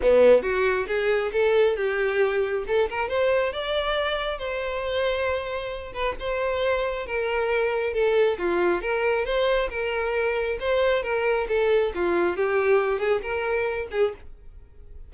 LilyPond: \new Staff \with { instrumentName = "violin" } { \time 4/4 \tempo 4 = 136 b4 fis'4 gis'4 a'4 | g'2 a'8 ais'8 c''4 | d''2 c''2~ | c''4. b'8 c''2 |
ais'2 a'4 f'4 | ais'4 c''4 ais'2 | c''4 ais'4 a'4 f'4 | g'4. gis'8 ais'4. gis'8 | }